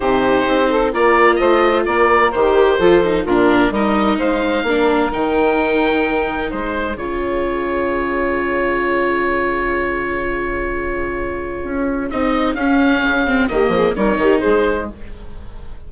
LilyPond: <<
  \new Staff \with { instrumentName = "oboe" } { \time 4/4 \tempo 4 = 129 c''2 d''4 dis''4 | d''4 c''2 ais'4 | dis''4 f''2 g''4~ | g''2 c''4 cis''4~ |
cis''1~ | cis''1~ | cis''2 dis''4 f''4~ | f''4 dis''4 cis''4 c''4 | }
  \new Staff \with { instrumentName = "saxophone" } { \time 4/4 g'4. a'8 ais'4 c''4 | ais'2 a'4 f'4 | ais'4 c''4 ais'2~ | ais'2 gis'2~ |
gis'1~ | gis'1~ | gis'1~ | gis'4 g'8 gis'8 ais'8 g'8 gis'4 | }
  \new Staff \with { instrumentName = "viola" } { \time 4/4 dis'2 f'2~ | f'4 g'4 f'8 dis'8 d'4 | dis'2 d'4 dis'4~ | dis'2. f'4~ |
f'1~ | f'1~ | f'2 dis'4 cis'4~ | cis'8 c'8 ais4 dis'2 | }
  \new Staff \with { instrumentName = "bassoon" } { \time 4/4 c4 c'4 ais4 a4 | ais4 dis4 f4 ais,4 | g4 gis4 ais4 dis4~ | dis2 gis4 cis4~ |
cis1~ | cis1~ | cis4 cis'4 c'4 cis'4 | cis4 dis8 f8 g8 dis8 gis4 | }
>>